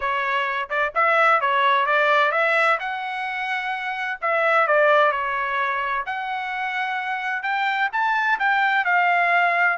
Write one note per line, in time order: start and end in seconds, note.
0.00 0.68 C#5
0.69 0.92 D5
0.95 1.40 E5
1.40 1.86 C#5
1.86 2.31 D5
2.31 2.78 E5
2.79 4.19 F#5
4.21 4.67 E5
4.67 5.11 D5
5.11 6.04 C#5
6.06 7.42 F#5
7.42 7.89 G5
7.92 8.38 A5
8.39 8.84 G5
8.84 9.77 F5